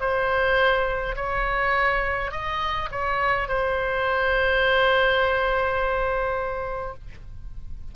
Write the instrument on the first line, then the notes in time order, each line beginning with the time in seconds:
oboe
0.00 C5
1.15 C#5
2.31 D#5
2.91 C#5
3.48 C5